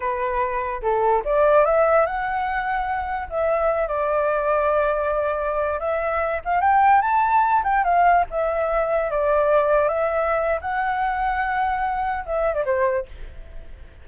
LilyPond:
\new Staff \with { instrumentName = "flute" } { \time 4/4 \tempo 4 = 147 b'2 a'4 d''4 | e''4 fis''2. | e''4. d''2~ d''8~ | d''2~ d''16 e''4. f''16~ |
f''16 g''4 a''4. g''8 f''8.~ | f''16 e''2 d''4.~ d''16~ | d''16 e''4.~ e''16 fis''2~ | fis''2 e''8. d''16 c''4 | }